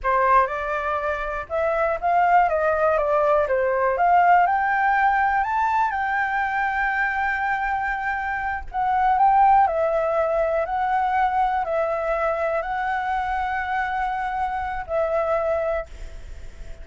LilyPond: \new Staff \with { instrumentName = "flute" } { \time 4/4 \tempo 4 = 121 c''4 d''2 e''4 | f''4 dis''4 d''4 c''4 | f''4 g''2 a''4 | g''1~ |
g''4. fis''4 g''4 e''8~ | e''4. fis''2 e''8~ | e''4. fis''2~ fis''8~ | fis''2 e''2 | }